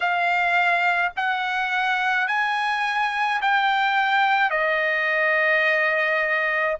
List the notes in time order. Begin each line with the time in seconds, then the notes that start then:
0.00 F5
1.16 F#5
2.27 G#5
3.41 G5
4.50 D#5